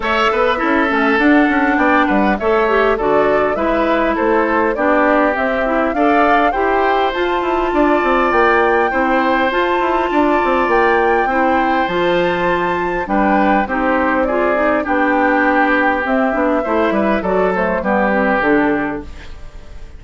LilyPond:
<<
  \new Staff \with { instrumentName = "flute" } { \time 4/4 \tempo 4 = 101 e''2 fis''4 g''8 fis''8 | e''4 d''4 e''4 c''4 | d''4 e''4 f''4 g''4 | a''2 g''2 |
a''2 g''2 | a''2 g''4 c''4 | d''4 g''2 e''4~ | e''4 d''8 c''8 b'4 a'4 | }
  \new Staff \with { instrumentName = "oboe" } { \time 4/4 cis''8 b'8 a'2 d''8 b'8 | cis''4 a'4 b'4 a'4 | g'2 d''4 c''4~ | c''4 d''2 c''4~ |
c''4 d''2 c''4~ | c''2 b'4 g'4 | gis'4 g'2. | c''8 b'8 a'4 g'2 | }
  \new Staff \with { instrumentName = "clarinet" } { \time 4/4 a'4 e'8 cis'8 d'2 | a'8 g'8 fis'4 e'2 | d'4 c'8 e'8 a'4 g'4 | f'2. e'4 |
f'2. e'4 | f'2 d'4 dis'4 | f'8 dis'8 d'2 c'8 d'8 | e'4 fis'8 a8 b8 c'8 d'4 | }
  \new Staff \with { instrumentName = "bassoon" } { \time 4/4 a8 b8 cis'8 a8 d'8 cis'8 b8 g8 | a4 d4 gis4 a4 | b4 c'4 d'4 e'4 | f'8 e'8 d'8 c'8 ais4 c'4 |
f'8 e'8 d'8 c'8 ais4 c'4 | f2 g4 c'4~ | c'4 b2 c'8 b8 | a8 g8 fis4 g4 d4 | }
>>